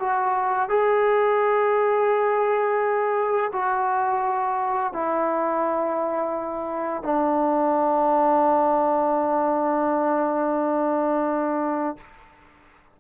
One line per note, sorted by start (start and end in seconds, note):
0.00 0.69 F#4
0.69 3.51 G#4
3.53 4.93 F#4
4.93 7.03 E4
7.03 11.97 D4